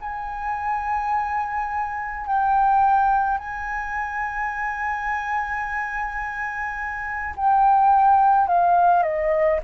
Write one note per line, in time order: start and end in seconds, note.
0.00 2.26 G#5
2.26 3.38 G5
3.38 7.34 G#5
7.36 8.48 G5
8.48 9.03 F5
9.03 9.59 D#5